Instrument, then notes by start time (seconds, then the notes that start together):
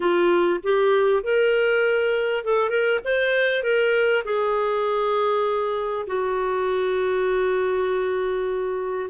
clarinet
0.00 F4
0.63 G4
1.23 A#4
2.44 A4
2.69 A#4
3.04 C5
3.63 A#4
4.24 G#4
6.06 F#4